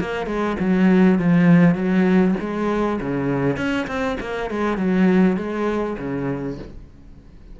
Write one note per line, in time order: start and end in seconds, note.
0.00 0.26 A#3
0.26 0.56 G#3
0.59 1.18 F#3
1.18 1.75 F3
1.75 2.35 F#3
2.40 3.00 G#3
3.00 3.56 C#3
3.56 3.86 C#4
3.87 4.17 C4
4.20 4.50 A#3
4.50 4.77 G#3
4.77 5.36 F#3
5.36 5.96 G#3
5.98 6.58 C#3